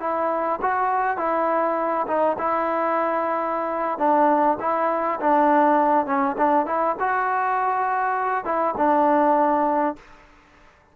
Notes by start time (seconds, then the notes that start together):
0.00 E4
0.62 F#4
1.17 E4
2.07 D#4
2.38 E4
3.98 D4
4.60 E4
5.20 D4
6.06 C#4
6.38 D4
6.66 E4
6.99 F#4
8.45 E4
8.77 D4